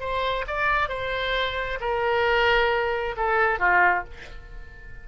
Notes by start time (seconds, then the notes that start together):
0.00 C5
0.47 D5
0.89 C5
1.80 A#4
3.17 A4
3.59 F4